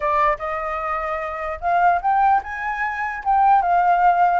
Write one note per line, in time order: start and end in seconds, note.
0.00 0.37 D5
0.38 1.59 D#5
1.60 2.01 F5
2.01 2.41 G5
2.43 3.23 G#5
3.24 3.61 G5
3.61 4.39 F5